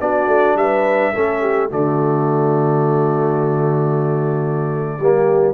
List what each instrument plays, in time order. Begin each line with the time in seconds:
0.00 tuba B3, trombone D4, horn F#4, trumpet D5
0.27 tuba A3
0.55 tuba G3, horn B4, trumpet E5
1.13 tuba A3, trombone C#4, horn A4
1.41 horn G4
1.69 tuba D3, trombone A3, horn F#4, trumpet D5
4.98 tuba G3, trombone A#3, horn G4